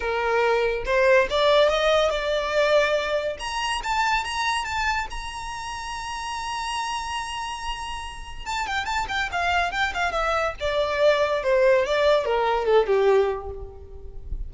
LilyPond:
\new Staff \with { instrumentName = "violin" } { \time 4/4 \tempo 4 = 142 ais'2 c''4 d''4 | dis''4 d''2. | ais''4 a''4 ais''4 a''4 | ais''1~ |
ais''1 | a''8 g''8 a''8 g''8 f''4 g''8 f''8 | e''4 d''2 c''4 | d''4 ais'4 a'8 g'4. | }